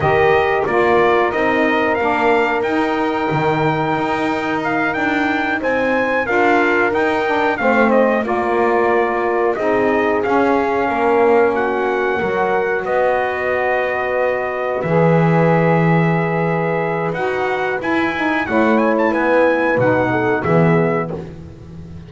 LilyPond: <<
  \new Staff \with { instrumentName = "trumpet" } { \time 4/4 \tempo 4 = 91 dis''4 d''4 dis''4 f''4 | g''2. f''8 g''8~ | g''8 gis''4 f''4 g''4 f''8 | dis''8 d''2 dis''4 f''8~ |
f''4. fis''2 dis''8~ | dis''2~ dis''8 e''4.~ | e''2 fis''4 gis''4 | fis''8 gis''16 a''16 gis''4 fis''4 e''4 | }
  \new Staff \with { instrumentName = "horn" } { \time 4/4 ais'1~ | ais'1~ | ais'8 c''4 ais'2 c''8~ | c''8 ais'2 gis'4.~ |
gis'8 ais'4 fis'4 ais'4 b'8~ | b'1~ | b'1 | cis''4 b'4. a'8 gis'4 | }
  \new Staff \with { instrumentName = "saxophone" } { \time 4/4 g'4 f'4 dis'4 d'4 | dis'1~ | dis'4. f'4 dis'8 d'8 c'8~ | c'8 f'2 dis'4 cis'8~ |
cis'2~ cis'8 fis'4.~ | fis'2~ fis'8 gis'4.~ | gis'2 fis'4 e'8 dis'8 | e'2 dis'4 b4 | }
  \new Staff \with { instrumentName = "double bass" } { \time 4/4 dis4 ais4 c'4 ais4 | dis'4 dis4 dis'4. d'8~ | d'8 c'4 d'4 dis'4 a8~ | a8 ais2 c'4 cis'8~ |
cis'8 ais2 fis4 b8~ | b2~ b8 e4.~ | e2 dis'4 e'4 | a4 b4 b,4 e4 | }
>>